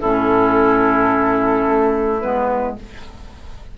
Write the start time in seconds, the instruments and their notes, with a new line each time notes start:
0.00 bassoon A2, clarinet C#4, oboe E4, flute A4
1.67 bassoon A3
2.20 bassoon G#3, clarinet B3, flute B4